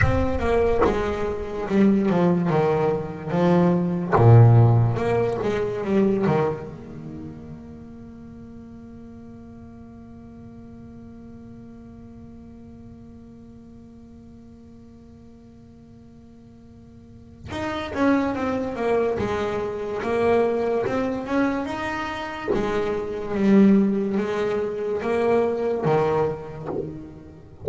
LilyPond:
\new Staff \with { instrumentName = "double bass" } { \time 4/4 \tempo 4 = 72 c'8 ais8 gis4 g8 f8 dis4 | f4 ais,4 ais8 gis8 g8 dis8 | ais1~ | ais1~ |
ais1~ | ais4 dis'8 cis'8 c'8 ais8 gis4 | ais4 c'8 cis'8 dis'4 gis4 | g4 gis4 ais4 dis4 | }